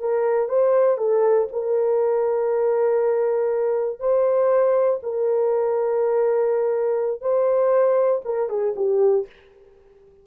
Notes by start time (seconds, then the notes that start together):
0.00 A#4
0.49 C5
0.98 A4
1.52 A#4
4.00 C5
5.03 A#4
7.21 C5
8.25 A#4
8.49 G#4
8.76 G4